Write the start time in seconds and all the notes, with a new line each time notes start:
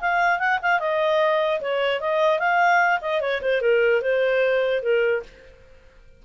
0.00 F5
0.39 F#5
0.62 F5
0.79 D#5
1.61 C#5
2.00 D#5
2.39 F5
3.01 D#5
3.20 C#5
3.42 C5
3.61 A#4
4.02 C5
4.82 A#4